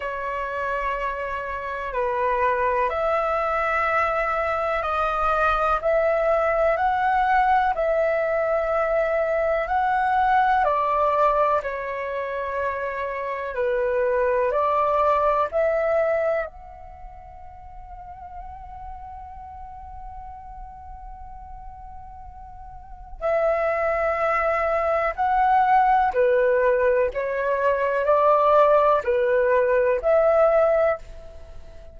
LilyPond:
\new Staff \with { instrumentName = "flute" } { \time 4/4 \tempo 4 = 62 cis''2 b'4 e''4~ | e''4 dis''4 e''4 fis''4 | e''2 fis''4 d''4 | cis''2 b'4 d''4 |
e''4 fis''2.~ | fis''1 | e''2 fis''4 b'4 | cis''4 d''4 b'4 e''4 | }